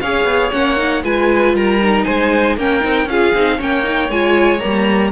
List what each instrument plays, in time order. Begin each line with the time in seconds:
0.00 cello C#4, viola G#4, violin C#5 F5
0.24 cello B3
0.52 cello A#3, viola C#4, violin F#5
0.76 viola D#4
1.03 cello G#3, viola F4, violin B4 G#5
1.53 cello G3, violin A#4 A#5
1.82 viola D#4
2.04 cello G#3, violin C5 G#5
2.57 cello A#3, viola C#4, violin A#4 G5
2.80 cello C4, viola D#4
3.05 cello C#4, viola F4, violin G#4 F5
3.35 cello C4, viola D#4
3.57 cello A#3, viola C#4, violin C#5 G5
3.83 viola D#4
4.09 cello G#3, viola F4, violin G#5
4.60 cello G3, viola A#3, violin A#5